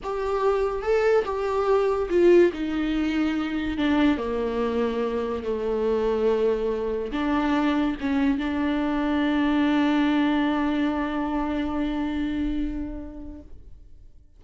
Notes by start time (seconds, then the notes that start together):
0.03 G4
0.82 A4
1.25 G4
2.09 F4
2.53 D#4
3.77 D4
4.17 A#3
5.43 A3
7.11 D4
8.00 C#4
8.38 D4